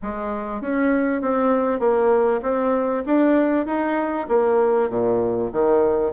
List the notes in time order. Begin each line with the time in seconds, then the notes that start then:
0.02 G#3
0.61 C#4
1.21 C4
1.79 A#3
2.42 C4
3.06 D4
3.66 D#4
4.28 A#3
4.89 A#2
5.52 D#3